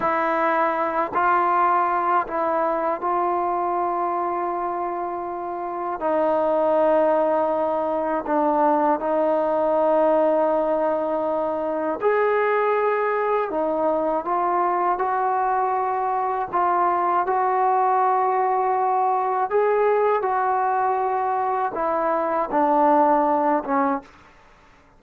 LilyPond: \new Staff \with { instrumentName = "trombone" } { \time 4/4 \tempo 4 = 80 e'4. f'4. e'4 | f'1 | dis'2. d'4 | dis'1 |
gis'2 dis'4 f'4 | fis'2 f'4 fis'4~ | fis'2 gis'4 fis'4~ | fis'4 e'4 d'4. cis'8 | }